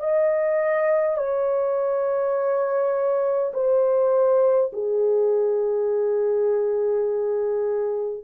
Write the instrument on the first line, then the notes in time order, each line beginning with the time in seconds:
horn
0.00 D#5
1.18 C#5
3.54 C5
4.73 G#4